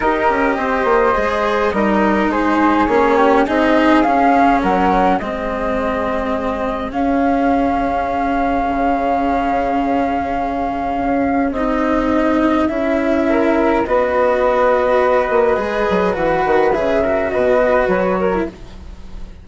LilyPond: <<
  \new Staff \with { instrumentName = "flute" } { \time 4/4 \tempo 4 = 104 dis''1 | c''4 cis''4 dis''4 f''4 | fis''4 dis''2. | f''1~ |
f''1 | dis''2 e''2 | dis''1 | fis''4 e''4 dis''4 cis''4 | }
  \new Staff \with { instrumentName = "flute" } { \time 4/4 ais'4 c''2 ais'4 | gis'4. g'8 gis'2 | ais'4 gis'2.~ | gis'1~ |
gis'1~ | gis'2. ais'4 | b'1~ | b'4. ais'8 b'4. ais'8 | }
  \new Staff \with { instrumentName = "cello" } { \time 4/4 g'2 gis'4 dis'4~ | dis'4 cis'4 dis'4 cis'4~ | cis'4 c'2. | cis'1~ |
cis'1 | dis'2 e'2 | fis'2. gis'4 | fis'4 gis'8 fis'2~ fis'16 e'16 | }
  \new Staff \with { instrumentName = "bassoon" } { \time 4/4 dis'8 cis'8 c'8 ais8 gis4 g4 | gis4 ais4 c'4 cis'4 | fis4 gis2. | cis'2. cis4~ |
cis2. cis'4 | c'2 cis'2 | b2~ b8 ais8 gis8 fis8 | e8 dis8 cis4 b,4 fis4 | }
>>